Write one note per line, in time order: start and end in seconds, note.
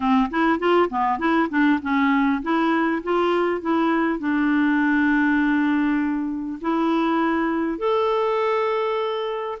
0.00 0.29 C4
0.30 0.59 E4
0.59 0.89 F4
0.89 1.18 B3
1.18 1.48 E4
1.49 1.79 D4
1.82 2.42 C#4
2.42 3.02 E4
3.03 3.61 F4
3.61 4.19 E4
4.19 6.59 D4
6.61 7.78 E4
7.78 9.58 A4